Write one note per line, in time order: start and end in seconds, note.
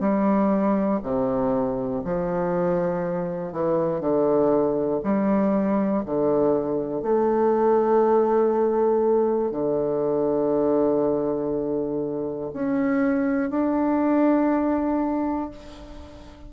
0.00 1.00 G3
1.03 2.03 C3
2.05 3.52 F3
3.52 4.00 E3
4.00 5.00 D3
5.03 6.03 G3
6.05 7.02 D3
7.02 9.51 A3
9.51 12.51 D3
12.53 13.50 C#4
13.50 15.50 D4